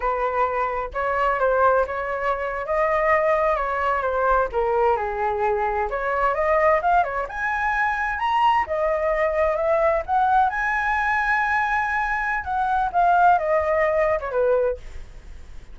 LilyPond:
\new Staff \with { instrumentName = "flute" } { \time 4/4 \tempo 4 = 130 b'2 cis''4 c''4 | cis''4.~ cis''16 dis''2 cis''16~ | cis''8. c''4 ais'4 gis'4~ gis'16~ | gis'8. cis''4 dis''4 f''8 cis''8 gis''16~ |
gis''4.~ gis''16 ais''4 dis''4~ dis''16~ | dis''8. e''4 fis''4 gis''4~ gis''16~ | gis''2. fis''4 | f''4 dis''4.~ dis''16 cis''16 b'4 | }